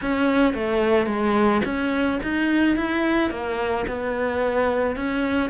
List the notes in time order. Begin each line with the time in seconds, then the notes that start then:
0.01 C#4
0.54 A3
1.06 G#3
1.64 C#4
2.22 D#4
2.76 E4
3.30 A#3
3.87 B3
4.96 C#4